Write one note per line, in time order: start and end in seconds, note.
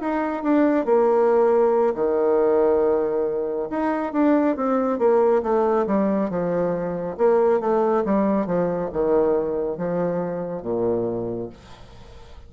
0.00 0.43 D#4
0.43 0.85 D4
0.85 1.94 A#3
1.95 3.69 D#3
3.70 4.13 D#4
4.13 4.57 D4
4.57 4.99 C4
4.99 5.42 A#3
5.43 5.87 A3
5.87 6.30 G3
6.30 7.17 F3
7.18 7.60 A#3
7.60 8.04 A3
8.05 8.47 G3
8.47 8.90 F3
8.93 9.77 D#3
9.77 10.62 F3
10.62 11.49 A#2